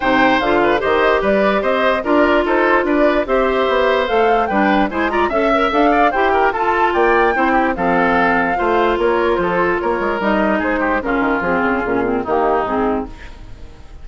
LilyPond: <<
  \new Staff \with { instrumentName = "flute" } { \time 4/4 \tempo 4 = 147 g''4 f''4 dis''4 d''4 | dis''4 d''4 c''4 d''4 | e''2 f''4 g''4 | gis''8 ais''8 e''4 f''4 g''4 |
a''4 g''2 f''4~ | f''2 cis''4 c''4 | cis''4 dis''4 c''4 ais'4 | gis'2 g'4 gis'4 | }
  \new Staff \with { instrumentName = "oboe" } { \time 4/4 c''4. b'8 c''4 b'4 | c''4 ais'4 a'4 b'4 | c''2. b'4 | c''8 d''8 e''4. d''8 c''8 ais'8 |
a'4 d''4 c''8 g'8 a'4~ | a'4 c''4 ais'4 a'4 | ais'2 gis'8 g'8 f'4~ | f'2 dis'2 | }
  \new Staff \with { instrumentName = "clarinet" } { \time 4/4 dis'4 f'4 g'2~ | g'4 f'2. | g'2 a'4 d'4 | e'8 f'8 a'8 ais'8 a'4 g'4 |
f'2 e'4 c'4~ | c'4 f'2.~ | f'4 dis'2 cis'4 | c'4 cis'8 c'8 ais4 c'4 | }
  \new Staff \with { instrumentName = "bassoon" } { \time 4/4 c4 d4 dis4 g4 | c'4 d'4 dis'4 d'4 | c'4 b4 a4 g4 | gis4 cis'4 d'4 e'4 |
f'4 ais4 c'4 f4~ | f4 a4 ais4 f4 | ais8 gis8 g4 gis4 cis8 dis8 | f8 cis8 ais,4 dis4 gis,4 | }
>>